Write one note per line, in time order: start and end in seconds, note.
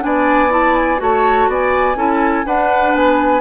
0.00 1.00 B3
0.00 0.48 D4
0.00 1.02 D5
0.00 0.52 G#5
0.50 0.97 E4
0.50 0.75 A5
0.75 0.99 G#5
0.97 1.48 A3
0.97 1.94 F#4
0.97 1.49 C#5
0.97 1.51 A5
1.48 1.96 B3
1.48 1.97 D5
1.48 2.47 G#5
1.96 2.44 C#4
1.96 2.45 E4
1.96 2.46 A4
2.45 3.41 D4
2.45 2.94 D4
2.45 3.41 B4
2.45 2.96 F#5
2.94 3.41 B3
2.94 3.41 G#5